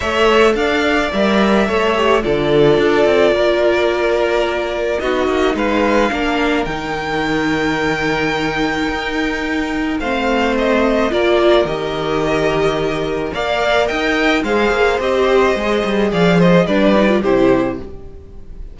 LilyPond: <<
  \new Staff \with { instrumentName = "violin" } { \time 4/4 \tempo 4 = 108 e''4 f''4 e''2 | d''1~ | d''4 dis''4 f''2 | g''1~ |
g''2 f''4 dis''4 | d''4 dis''2. | f''4 g''4 f''4 dis''4~ | dis''4 f''8 dis''8 d''4 c''4 | }
  \new Staff \with { instrumentName = "violin" } { \time 4/4 cis''4 d''2 cis''4 | a'2 ais'2~ | ais'4 fis'4 b'4 ais'4~ | ais'1~ |
ais'2 c''2 | ais'1 | d''4 dis''4 c''2~ | c''4 d''8 c''8 b'4 g'4 | }
  \new Staff \with { instrumentName = "viola" } { \time 4/4 a'2 ais'4 a'8 g'8 | f'1~ | f'4 dis'2 d'4 | dis'1~ |
dis'2 c'2 | f'4 g'2. | ais'2 gis'4 g'4 | gis'2 d'8 dis'16 f'16 e'4 | }
  \new Staff \with { instrumentName = "cello" } { \time 4/4 a4 d'4 g4 a4 | d4 d'8 c'8 ais2~ | ais4 b8 ais8 gis4 ais4 | dis1 |
dis'2 a2 | ais4 dis2. | ais4 dis'4 gis8 ais8 c'4 | gis8 g8 f4 g4 c4 | }
>>